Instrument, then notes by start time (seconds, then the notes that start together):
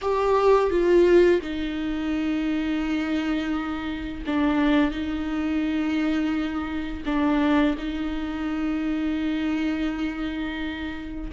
viola
0.01 G4
0.70 F4
1.41 D#4
4.26 D4
4.91 D#4
7.05 D4
7.78 D#4